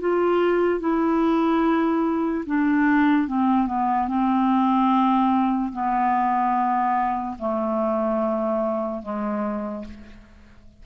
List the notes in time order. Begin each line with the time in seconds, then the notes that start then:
0.00 F4
0.80 E4
2.46 D4
3.28 C4
3.67 B3
4.07 C4
5.72 B3
7.39 A3
9.02 G#3